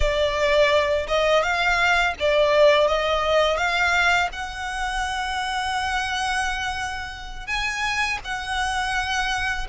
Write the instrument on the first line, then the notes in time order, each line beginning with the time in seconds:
violin
0.00 D5
1.07 D#5
1.42 F5
2.19 D5
2.87 D#5
3.57 F5
4.32 F#5
7.46 G#5
8.24 F#5